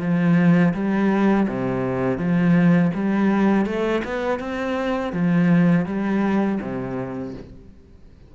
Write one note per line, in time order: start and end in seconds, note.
0.00 0.73 F3
0.74 1.47 G3
1.48 2.18 C3
2.18 2.91 F3
2.94 3.66 G3
3.66 4.02 A3
4.04 4.39 B3
4.39 5.13 C4
5.13 5.86 F3
5.86 6.59 G3
6.61 7.34 C3